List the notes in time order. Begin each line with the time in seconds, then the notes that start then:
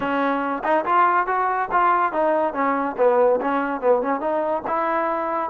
0.00 C#4
0.63 D#4
0.85 F4
1.26 F#4
1.71 F4
2.12 D#4
2.53 C#4
2.97 B3
3.40 C#4
3.80 B3
4.01 C#4
4.20 D#4
4.67 E4